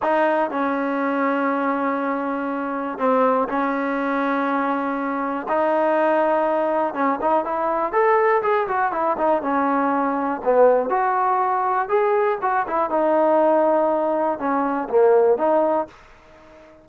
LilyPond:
\new Staff \with { instrumentName = "trombone" } { \time 4/4 \tempo 4 = 121 dis'4 cis'2.~ | cis'2 c'4 cis'4~ | cis'2. dis'4~ | dis'2 cis'8 dis'8 e'4 |
a'4 gis'8 fis'8 e'8 dis'8 cis'4~ | cis'4 b4 fis'2 | gis'4 fis'8 e'8 dis'2~ | dis'4 cis'4 ais4 dis'4 | }